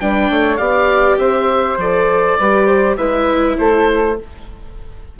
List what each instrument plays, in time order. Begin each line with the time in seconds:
0.00 bassoon G3, viola D4, flute B4, oboe G5
0.30 bassoon A3, flute C#5
0.56 bassoon B3, viola G4, flute D5, oboe F5
1.18 bassoon C4, flute C5, oboe E5
1.77 bassoon F3, viola A4, oboe D5
2.39 bassoon G3, viola G4, flute B4
2.66 flute C5
2.96 bassoon G#3, viola E4, flute B4, oboe E5
3.57 bassoon A3, flute A4, oboe C5